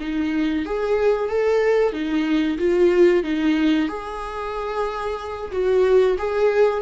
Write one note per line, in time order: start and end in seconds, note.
0.00 0.65 D#4
0.65 1.29 G#4
1.29 1.92 A4
1.92 2.58 D#4
2.58 3.23 F4
3.23 3.88 D#4
3.88 5.51 G#4
5.52 6.17 F#4
6.18 6.81 G#4